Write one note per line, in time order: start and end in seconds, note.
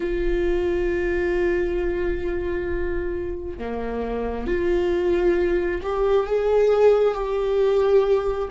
0.00 3.58 F4
3.58 4.47 A#3
4.47 5.81 F4
5.82 6.26 G4
6.26 7.14 G#4
7.14 8.48 G4